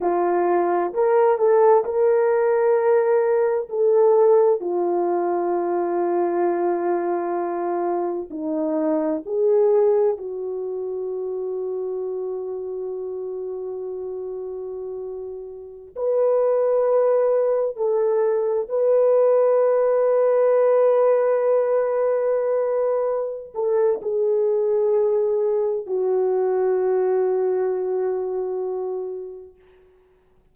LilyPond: \new Staff \with { instrumentName = "horn" } { \time 4/4 \tempo 4 = 65 f'4 ais'8 a'8 ais'2 | a'4 f'2.~ | f'4 dis'4 gis'4 fis'4~ | fis'1~ |
fis'4~ fis'16 b'2 a'8.~ | a'16 b'2.~ b'8.~ | b'4. a'8 gis'2 | fis'1 | }